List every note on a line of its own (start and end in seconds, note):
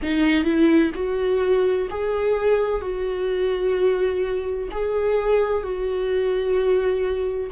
0.02 0.44 D#4
0.44 0.91 E4
0.94 1.88 F#4
1.90 2.81 G#4
2.81 4.68 F#4
4.71 5.62 G#4
5.62 7.50 F#4